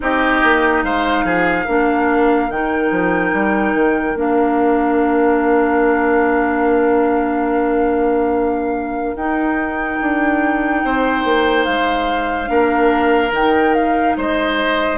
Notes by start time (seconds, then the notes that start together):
0.00 C4 D#4 G4 D#5
0.43 A#3
0.83 G#3 C5 F5
1.24 F3 G#4
1.65 A#3 D4 A#4
2.49 D#3 D#4 G5
2.90 F3
3.32 G3
3.74 D#3
4.14 A#3 D4 F5
9.15 D#4 G5
10.01 D4
10.84 C4 C5
11.24 A#3
11.65 G#3 F5
12.46 A#3 D4 A#4
13.31 D#3 D#4 G5
13.74 F5
14.16 G#3 C5 D#5